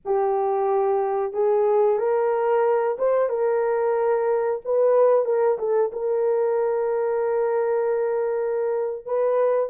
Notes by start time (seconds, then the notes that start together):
0.05 G4
1.33 G#4
1.98 A#4
2.98 C5
3.29 A#4
4.65 B4
5.25 A#4
5.58 A4
5.92 A#4
9.05 B4